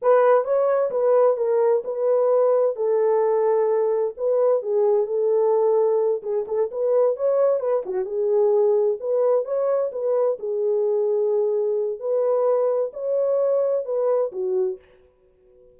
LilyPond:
\new Staff \with { instrumentName = "horn" } { \time 4/4 \tempo 4 = 130 b'4 cis''4 b'4 ais'4 | b'2 a'2~ | a'4 b'4 gis'4 a'4~ | a'4. gis'8 a'8 b'4 cis''8~ |
cis''8 b'8 fis'8 gis'2 b'8~ | b'8 cis''4 b'4 gis'4.~ | gis'2 b'2 | cis''2 b'4 fis'4 | }